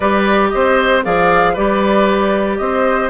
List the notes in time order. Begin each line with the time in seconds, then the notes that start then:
0.00 G3 G4 B4 D5
0.49 C4 C5 D#5
1.03 F3 G#4 D5 F5
1.53 G3 G4 B4 D5
2.57 C4 C5 D#5